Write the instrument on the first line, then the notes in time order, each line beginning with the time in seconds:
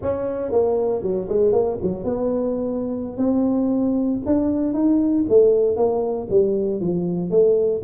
tuba
0.02 C#4
0.51 A#3
1.02 F#3
1.28 G#3
1.52 A#3
1.82 F#3
2.03 B3
3.17 C4
4.26 D4
4.73 D#4
5.28 A3
5.76 A#3
6.29 G3
6.80 F3
7.30 A3